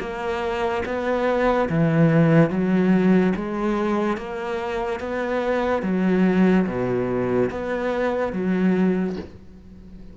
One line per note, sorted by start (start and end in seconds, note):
0.00 0.83 A#3
0.86 1.69 B3
1.69 2.50 E3
2.50 3.33 F#3
3.36 4.17 G#3
4.17 5.00 A#3
5.00 5.83 B3
5.83 6.66 F#3
6.67 7.50 B2
7.50 8.33 B3
8.33 9.16 F#3